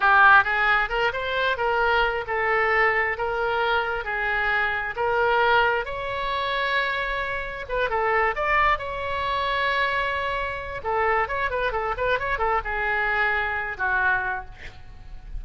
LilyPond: \new Staff \with { instrumentName = "oboe" } { \time 4/4 \tempo 4 = 133 g'4 gis'4 ais'8 c''4 ais'8~ | ais'4 a'2 ais'4~ | ais'4 gis'2 ais'4~ | ais'4 cis''2.~ |
cis''4 b'8 a'4 d''4 cis''8~ | cis''1 | a'4 cis''8 b'8 a'8 b'8 cis''8 a'8 | gis'2~ gis'8 fis'4. | }